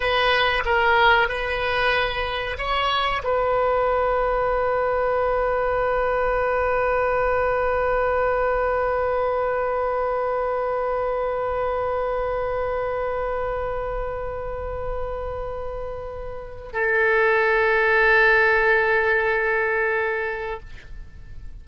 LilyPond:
\new Staff \with { instrumentName = "oboe" } { \time 4/4 \tempo 4 = 93 b'4 ais'4 b'2 | cis''4 b'2.~ | b'1~ | b'1~ |
b'1~ | b'1~ | b'2 a'2~ | a'1 | }